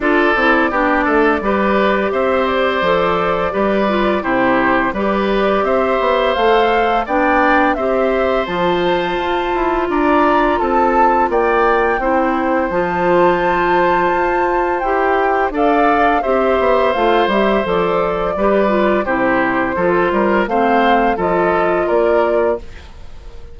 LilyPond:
<<
  \new Staff \with { instrumentName = "flute" } { \time 4/4 \tempo 4 = 85 d''2. e''8 d''8~ | d''2 c''4 d''4 | e''4 f''4 g''4 e''4 | a''2 ais''4 a''4 |
g''2 a''2~ | a''4 g''4 f''4 e''4 | f''8 e''8 d''2 c''4~ | c''4 f''4 dis''4 d''4 | }
  \new Staff \with { instrumentName = "oboe" } { \time 4/4 a'4 g'8 a'8 b'4 c''4~ | c''4 b'4 g'4 b'4 | c''2 d''4 c''4~ | c''2 d''4 a'4 |
d''4 c''2.~ | c''2 d''4 c''4~ | c''2 b'4 g'4 | a'8 ais'8 c''4 a'4 ais'4 | }
  \new Staff \with { instrumentName = "clarinet" } { \time 4/4 f'8 e'8 d'4 g'2 | a'4 g'8 f'8 e'4 g'4~ | g'4 a'4 d'4 g'4 | f'1~ |
f'4 e'4 f'2~ | f'4 g'4 a'4 g'4 | f'8 g'8 a'4 g'8 f'8 e'4 | f'4 c'4 f'2 | }
  \new Staff \with { instrumentName = "bassoon" } { \time 4/4 d'8 c'8 b8 a8 g4 c'4 | f4 g4 c4 g4 | c'8 b8 a4 b4 c'4 | f4 f'8 e'8 d'4 c'4 |
ais4 c'4 f2 | f'4 e'4 d'4 c'8 b8 | a8 g8 f4 g4 c4 | f8 g8 a4 f4 ais4 | }
>>